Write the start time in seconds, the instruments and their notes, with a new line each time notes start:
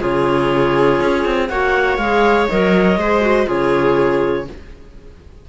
0.00 cello C#3, clarinet F4 C#5, viola G#4
1.01 cello C#4
1.25 cello C4
1.49 cello A#3, clarinet F#4 F#5, viola C#5
1.97 cello G#3, clarinet G#4 F5
2.49 cello F#3, clarinet A#4 D#5
2.97 cello G#3, clarinet G#4, viola C5
3.21 clarinet F#4
3.46 cello C#3, clarinet F4 C#5, viola G#4